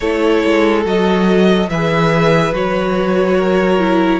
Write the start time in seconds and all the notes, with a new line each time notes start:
0.00 A3 E4 A4 C#5
0.44 G#3
0.84 F#3 F#4 D#5
1.68 E3 G#4 B4 E5
2.52 F#3 F#4 C#5
3.37 A#4
3.79 E4